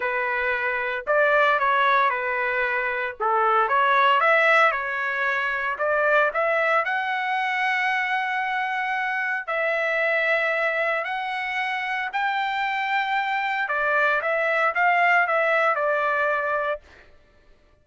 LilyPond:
\new Staff \with { instrumentName = "trumpet" } { \time 4/4 \tempo 4 = 114 b'2 d''4 cis''4 | b'2 a'4 cis''4 | e''4 cis''2 d''4 | e''4 fis''2.~ |
fis''2 e''2~ | e''4 fis''2 g''4~ | g''2 d''4 e''4 | f''4 e''4 d''2 | }